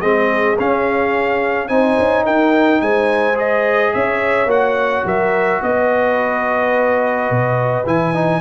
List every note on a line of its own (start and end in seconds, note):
0.00 0.56 G#3
0.00 0.57 C4
0.00 1.68 G#4
0.00 0.57 D#5
0.58 1.68 C#4
0.58 1.68 F5
1.68 1.96 C4
1.68 3.35 D#4
1.68 2.24 C5
1.68 2.24 G#5
1.98 2.26 C#4
2.24 2.81 D#4
2.24 2.80 A#4
2.24 2.81 G5
2.81 3.93 G#3
2.81 3.94 C5
2.81 3.37 G#5
3.35 4.47 G#4
3.35 3.93 D#5
3.93 4.46 C#4
3.93 5.05 C#5
3.93 4.49 E5
4.46 5.02 A#3
4.46 7.84 F#4
4.46 5.06 F#5
5.05 5.61 F#3
5.05 5.62 A#4
5.05 5.62 E5
5.62 7.30 B3
5.62 8.41 B4
5.62 7.87 D#5
7.30 7.86 B2
7.85 8.41 E3
7.85 8.13 E4
7.85 8.41 G#5
8.13 8.41 D#4